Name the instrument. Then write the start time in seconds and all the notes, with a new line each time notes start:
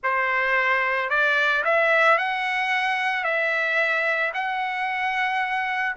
trumpet
0.03 C5
1.09 D5
1.64 E5
2.18 F#5
3.23 E5
4.33 F#5